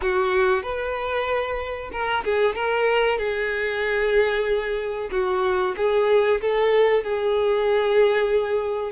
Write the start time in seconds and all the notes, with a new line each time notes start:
0.01 F#4
0.62 B4
1.91 A#4
2.24 G#4
2.55 A#4
3.18 G#4
5.11 F#4
5.76 G#4
6.41 A4
7.03 G#4